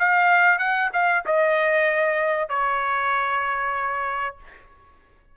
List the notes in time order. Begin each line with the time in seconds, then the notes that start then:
0.00 F5
0.59 F#5
0.93 F5
1.26 D#5
2.49 C#5